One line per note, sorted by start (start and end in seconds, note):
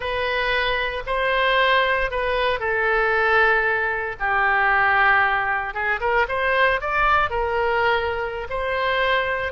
0.00 1.03 B4
1.06 2.10 C5
2.10 2.59 B4
2.59 4.16 A4
4.19 5.73 G4
5.73 6.00 G#4
6.00 6.26 A#4
6.28 6.80 C5
6.80 7.30 D5
7.30 8.47 A#4
8.49 9.52 C5